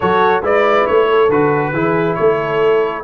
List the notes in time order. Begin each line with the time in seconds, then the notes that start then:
0.00 F#3 F#4 A4 C#5
0.42 G#3 E4 B4 D5
0.86 A3 C#5
1.09 A4
1.29 D3 F#4 B4
1.72 E3 E4 G#4
2.15 A3 A4 C#5